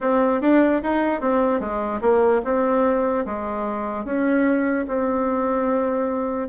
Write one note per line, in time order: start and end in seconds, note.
0.00 0.41 C4
0.41 0.81 D4
0.83 1.20 D#4
1.20 1.60 C4
1.60 2.00 G#3
2.01 2.41 A#3
2.44 3.25 C4
3.25 4.04 G#3
4.04 4.85 C#4
4.87 6.48 C4